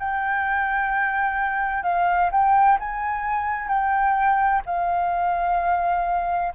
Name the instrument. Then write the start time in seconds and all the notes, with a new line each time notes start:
flute
0.00 G5
1.84 F5
2.32 G5
2.80 G#5
3.69 G5
4.67 F5